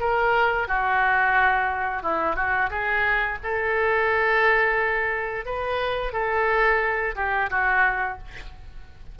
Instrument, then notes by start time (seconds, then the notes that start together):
oboe
0.00 A#4
0.68 F#4
2.03 E4
2.36 F#4
2.71 G#4
3.44 A4
5.46 B4
6.13 A4
7.16 G4
7.50 F#4